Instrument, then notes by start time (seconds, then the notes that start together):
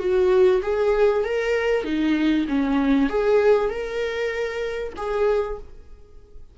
viola
0.00 F#4
0.63 G#4
1.25 A#4
1.85 D#4
2.49 C#4
3.10 G#4
3.70 A#4
4.97 G#4